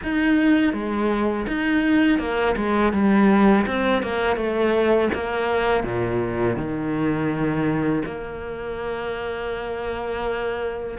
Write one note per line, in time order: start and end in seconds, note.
0.03 0.73 D#4
0.73 1.46 G#3
1.47 2.19 D#4
2.19 2.55 A#3
2.56 2.92 G#3
2.92 3.66 G3
3.67 4.02 C4
4.02 4.36 A#3
4.36 5.09 A3
5.14 5.83 A#3
5.83 6.56 A#2
6.56 8.03 D#3
8.05 10.98 A#3